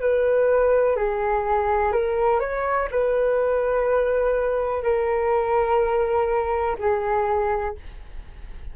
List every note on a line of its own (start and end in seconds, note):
0.00 0.96 B4
0.96 1.92 G#4
1.92 2.39 A#4
2.39 2.88 C#5
2.90 4.83 B4
4.83 6.76 A#4
6.78 7.75 G#4